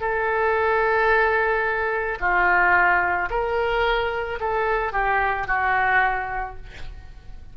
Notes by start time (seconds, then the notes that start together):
0.00 A4
2.20 F4
3.30 A#4
4.39 A4
4.92 G4
5.47 F#4